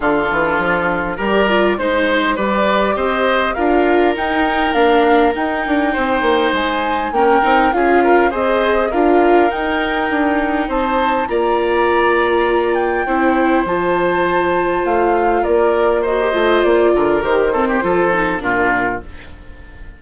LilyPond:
<<
  \new Staff \with { instrumentName = "flute" } { \time 4/4 \tempo 4 = 101 a'2 d''4 c''4 | d''4 dis''4 f''4 g''4 | f''4 g''2 gis''4 | g''4 f''4 dis''4 f''4 |
g''2 a''4 ais''4~ | ais''4. g''4. a''4~ | a''4 f''4 d''4 dis''4 | d''4 c''2 ais'4 | }
  \new Staff \with { instrumentName = "oboe" } { \time 4/4 f'2 ais'4 c''4 | b'4 c''4 ais'2~ | ais'2 c''2 | ais'4 gis'8 ais'8 c''4 ais'4~ |
ais'2 c''4 d''4~ | d''2 c''2~ | c''2 ais'4 c''4~ | c''8 ais'4 a'16 g'16 a'4 f'4 | }
  \new Staff \with { instrumentName = "viola" } { \time 4/4 d'2 g'8 f'8 dis'4 | g'2 f'4 dis'4 | d'4 dis'2. | cis'8 dis'8 f'4 gis'4 f'4 |
dis'2. f'4~ | f'2 e'4 f'4~ | f'2. fis'16 g'16 f'8~ | f'4 g'8 c'8 f'8 dis'8 d'4 | }
  \new Staff \with { instrumentName = "bassoon" } { \time 4/4 d8 e8 f4 g4 gis4 | g4 c'4 d'4 dis'4 | ais4 dis'8 d'8 c'8 ais8 gis4 | ais8 c'8 cis'4 c'4 d'4 |
dis'4 d'4 c'4 ais4~ | ais2 c'4 f4~ | f4 a4 ais4. a8 | ais8 d8 dis4 f4 ais,4 | }
>>